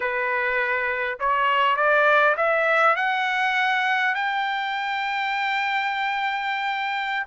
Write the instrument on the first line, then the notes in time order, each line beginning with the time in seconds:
trumpet
0.00 B4
1.19 C#5
1.76 D5
2.36 E5
2.96 F#5
4.14 G5